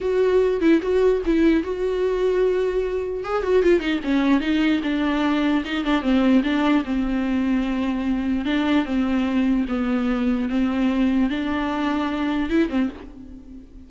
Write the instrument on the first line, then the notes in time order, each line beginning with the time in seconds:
viola
0.00 F#4
0.60 E4
0.82 F#4
1.25 E4
1.63 F#4
3.24 G#4
3.42 F#4
3.62 F4
3.80 D#4
4.03 C#4
4.40 D#4
4.83 D4
5.64 D#4
5.84 D4
6.01 C4
6.43 D4
6.84 C4
8.45 D4
8.85 C4
9.68 B3
10.49 C4
11.29 D4
12.49 E4
12.69 C4